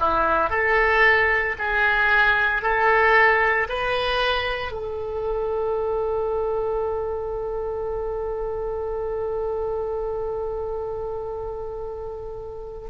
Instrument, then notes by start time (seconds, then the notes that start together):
oboe
0.00 E4
0.50 A4
1.59 G#4
2.63 A4
3.69 B4
4.72 A4